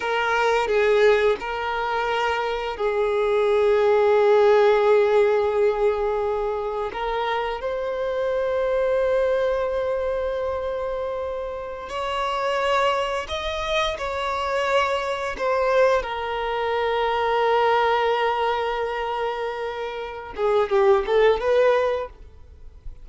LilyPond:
\new Staff \with { instrumentName = "violin" } { \time 4/4 \tempo 4 = 87 ais'4 gis'4 ais'2 | gis'1~ | gis'2 ais'4 c''4~ | c''1~ |
c''4~ c''16 cis''2 dis''8.~ | dis''16 cis''2 c''4 ais'8.~ | ais'1~ | ais'4. gis'8 g'8 a'8 b'4 | }